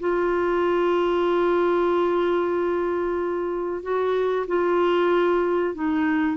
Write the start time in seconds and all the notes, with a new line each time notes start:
0.00 F4
3.82 F#4
4.48 F4
5.74 D#4